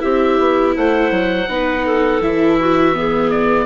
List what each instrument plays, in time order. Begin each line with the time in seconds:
0.00 bassoon C4, viola E4, clarinet G4, oboe E5
0.39 bassoon B3
0.76 bassoon A3, clarinet C5, oboe F#5
1.11 bassoon F#3
1.48 bassoon B3, viola D#4, clarinet B4
1.86 clarinet A4
2.21 bassoon E3, viola E4, oboe E5
2.60 clarinet F#4
2.95 viola B3, clarinet G#4
3.31 oboe D5